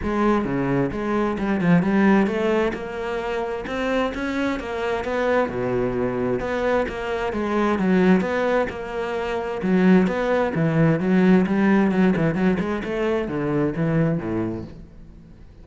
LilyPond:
\new Staff \with { instrumentName = "cello" } { \time 4/4 \tempo 4 = 131 gis4 cis4 gis4 g8 f8 | g4 a4 ais2 | c'4 cis'4 ais4 b4 | b,2 b4 ais4 |
gis4 fis4 b4 ais4~ | ais4 fis4 b4 e4 | fis4 g4 fis8 e8 fis8 gis8 | a4 d4 e4 a,4 | }